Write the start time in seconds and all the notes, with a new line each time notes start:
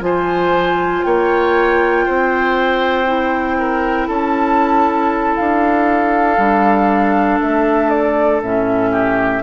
0.00 F3 F4 C5 G#5
1.03 A#3 C#5 G5
2.05 C4 C5
3.06 E4
3.58 A#4
4.08 C#4 A4 A5
5.36 D4 F5
6.38 G3 D4
7.42 A3 E5
7.90 D5
8.42 A2 C#4 E5
8.92 G4